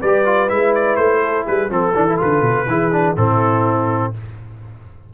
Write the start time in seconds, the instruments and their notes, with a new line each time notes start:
0.00 tuba G3, trombone G4, horn B4, trumpet D5
0.25 trombone F4
0.49 tuba G#3, trombone E4, trumpet E5
0.75 trumpet D5
0.96 tuba A3, trumpet C5
1.22 horn A4
1.46 tuba G3, horn G#4, trumpet B4
1.69 tuba F3, trombone C4, trumpet A4, horn A4
1.95 tuba E3, trombone D4
2.09 trombone E4
2.18 tuba D3, trombone F4, trumpet B4
2.41 tuba B2
2.67 tuba E3, trombone E4, horn G#4
2.92 trombone D4
3.16 tuba A2, trombone C4, horn E4, trumpet A4